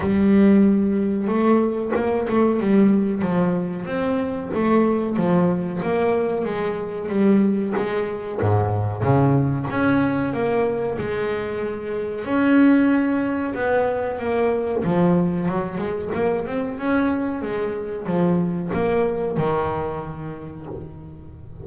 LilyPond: \new Staff \with { instrumentName = "double bass" } { \time 4/4 \tempo 4 = 93 g2 a4 ais8 a8 | g4 f4 c'4 a4 | f4 ais4 gis4 g4 | gis4 gis,4 cis4 cis'4 |
ais4 gis2 cis'4~ | cis'4 b4 ais4 f4 | fis8 gis8 ais8 c'8 cis'4 gis4 | f4 ais4 dis2 | }